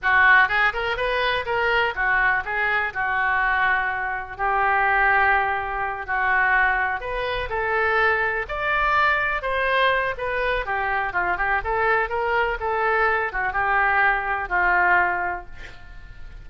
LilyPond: \new Staff \with { instrumentName = "oboe" } { \time 4/4 \tempo 4 = 124 fis'4 gis'8 ais'8 b'4 ais'4 | fis'4 gis'4 fis'2~ | fis'4 g'2.~ | g'8 fis'2 b'4 a'8~ |
a'4. d''2 c''8~ | c''4 b'4 g'4 f'8 g'8 | a'4 ais'4 a'4. fis'8 | g'2 f'2 | }